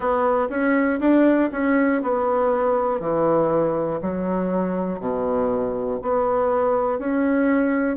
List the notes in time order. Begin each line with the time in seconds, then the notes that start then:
0.00 B3
0.50 C#4
1.00 D4
1.51 C#4
2.02 B3
3.00 E3
4.01 F#3
4.99 B2
6.01 B3
6.99 C#4